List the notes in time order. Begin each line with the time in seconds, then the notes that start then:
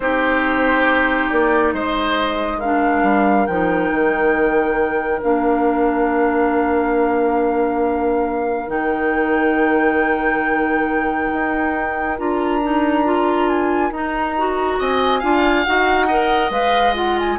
0.00 C4 D#4 G4 C5
1.29 A#3 D5
1.73 G#3 C5 D#5
2.58 D4 A#4 F5
3.03 G3
3.46 F3 D#4 G5
3.91 D#3
5.21 A#3 D4 F5
8.67 D#3 D#4 G5
11.32 D#4
12.18 D4 F4 A#5
12.62 D#4
13.04 F4
13.48 G#5
13.90 D#4 A#5
14.37 F#4
14.78 C4 D#5 G#5
15.19 D4 F4 F5
15.63 D#4 F#4 F#5
16.08 A#4 D#5
16.50 G#3 B4 F5
16.94 F4 F#5
17.18 G#5